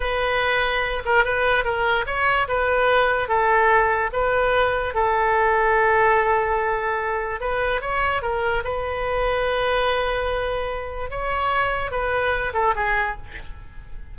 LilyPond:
\new Staff \with { instrumentName = "oboe" } { \time 4/4 \tempo 4 = 146 b'2~ b'8 ais'8 b'4 | ais'4 cis''4 b'2 | a'2 b'2 | a'1~ |
a'2 b'4 cis''4 | ais'4 b'2.~ | b'2. cis''4~ | cis''4 b'4. a'8 gis'4 | }